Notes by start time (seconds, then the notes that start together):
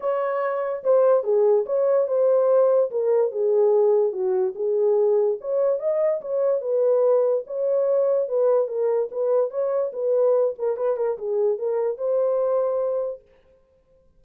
0.00 C#5
0.83 C5
1.23 G#4
1.66 C#5
2.07 C5
2.90 A#4
3.31 G#4
4.12 F#4
4.55 G#4
5.40 C#5
5.79 D#5
6.21 C#5
6.61 B4
7.46 C#5
8.28 B4
8.67 A#4
9.11 B4
9.50 C#5
9.93 B4
10.58 A#4
10.76 B4
10.97 A#4
11.18 G#4
11.58 A#4
11.97 C5